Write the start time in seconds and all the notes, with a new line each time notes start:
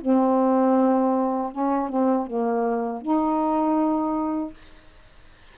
0.00 C4
1.52 C#4
1.88 C4
2.26 A#3
3.01 D#4